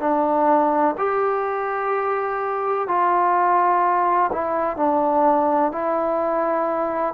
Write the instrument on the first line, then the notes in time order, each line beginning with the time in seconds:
trombone
0.00 D4
0.98 G4
2.87 F4
4.32 E4
4.77 D4
5.72 E4